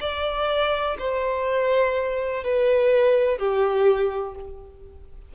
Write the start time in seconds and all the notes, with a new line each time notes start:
0.00 D5
0.98 C5
2.43 B4
3.38 G4